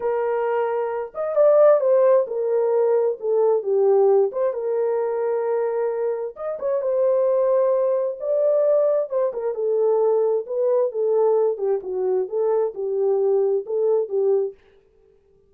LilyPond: \new Staff \with { instrumentName = "horn" } { \time 4/4 \tempo 4 = 132 ais'2~ ais'8 dis''8 d''4 | c''4 ais'2 a'4 | g'4. c''8 ais'2~ | ais'2 dis''8 cis''8 c''4~ |
c''2 d''2 | c''8 ais'8 a'2 b'4 | a'4. g'8 fis'4 a'4 | g'2 a'4 g'4 | }